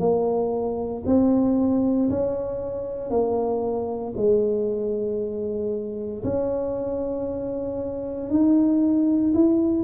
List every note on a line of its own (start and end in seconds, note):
0.00 1.03 A#3
1.06 2.10 C4
2.10 3.10 C#4
3.10 4.14 A#3
4.17 6.24 G#3
6.24 8.30 C#4
8.30 9.33 D#4
9.34 9.84 E4